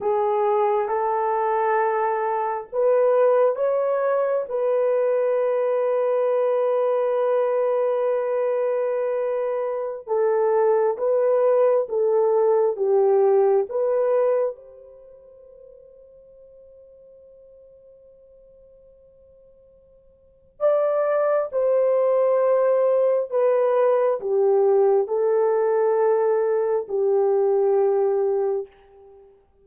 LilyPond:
\new Staff \with { instrumentName = "horn" } { \time 4/4 \tempo 4 = 67 gis'4 a'2 b'4 | cis''4 b'2.~ | b'2.~ b'16 a'8.~ | a'16 b'4 a'4 g'4 b'8.~ |
b'16 c''2.~ c''8.~ | c''2. d''4 | c''2 b'4 g'4 | a'2 g'2 | }